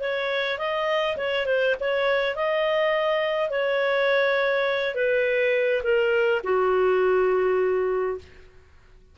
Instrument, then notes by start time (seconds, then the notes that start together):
clarinet
0.00 C#5
0.58 D#5
1.16 C#5
1.46 C5
1.80 C#5
2.35 D#5
3.50 C#5
4.95 B4
5.83 A#4
6.43 F#4